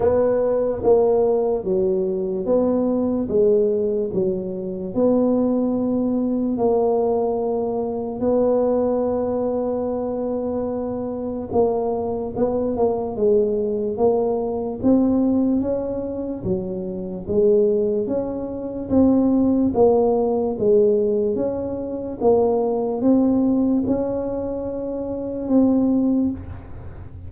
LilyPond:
\new Staff \with { instrumentName = "tuba" } { \time 4/4 \tempo 4 = 73 b4 ais4 fis4 b4 | gis4 fis4 b2 | ais2 b2~ | b2 ais4 b8 ais8 |
gis4 ais4 c'4 cis'4 | fis4 gis4 cis'4 c'4 | ais4 gis4 cis'4 ais4 | c'4 cis'2 c'4 | }